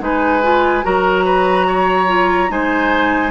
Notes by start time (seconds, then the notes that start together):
0.00 G#3 D#4 B4 G#5
0.43 F4
0.83 F#3 F#4 A#4 A#5
1.25 B4
1.68 C#5
2.07 F4
2.49 G#3 D#4 C5 G#5